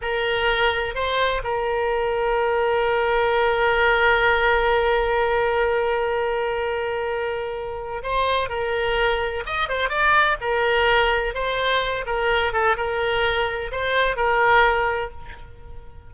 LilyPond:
\new Staff \with { instrumentName = "oboe" } { \time 4/4 \tempo 4 = 127 ais'2 c''4 ais'4~ | ais'1~ | ais'1~ | ais'1~ |
ais'4 c''4 ais'2 | dis''8 c''8 d''4 ais'2 | c''4. ais'4 a'8 ais'4~ | ais'4 c''4 ais'2 | }